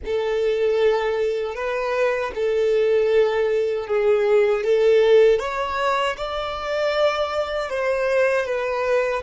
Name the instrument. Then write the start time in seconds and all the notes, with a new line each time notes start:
violin
0.05 A4
1.54 B4
2.34 A4
3.87 G#4
4.64 A4
5.39 C#5
6.17 D5
7.69 C5
8.45 B4